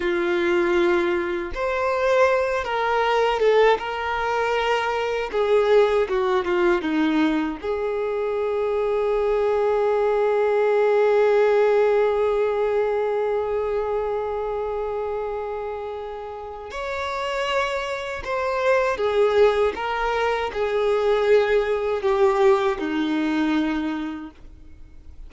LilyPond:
\new Staff \with { instrumentName = "violin" } { \time 4/4 \tempo 4 = 79 f'2 c''4. ais'8~ | ais'8 a'8 ais'2 gis'4 | fis'8 f'8 dis'4 gis'2~ | gis'1~ |
gis'1~ | gis'2 cis''2 | c''4 gis'4 ais'4 gis'4~ | gis'4 g'4 dis'2 | }